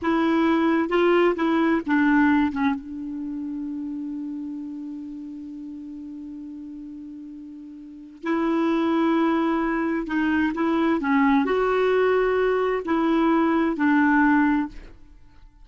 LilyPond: \new Staff \with { instrumentName = "clarinet" } { \time 4/4 \tempo 4 = 131 e'2 f'4 e'4 | d'4. cis'8 d'2~ | d'1~ | d'1~ |
d'2 e'2~ | e'2 dis'4 e'4 | cis'4 fis'2. | e'2 d'2 | }